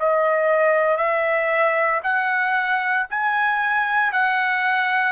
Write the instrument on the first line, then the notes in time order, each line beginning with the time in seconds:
trumpet
0.00 D#5
0.98 E5
2.04 F#5
3.10 G#5
4.12 F#5